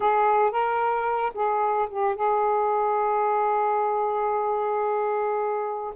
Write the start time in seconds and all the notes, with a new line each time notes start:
0.00 G#4
0.51 A#4
1.34 G#4
1.89 G4
2.15 G#4